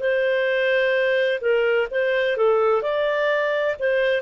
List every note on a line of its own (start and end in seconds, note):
0.00 1.40 C5
1.41 1.88 A#4
1.91 2.37 C5
2.37 2.82 A4
2.82 3.76 D5
3.80 4.22 C5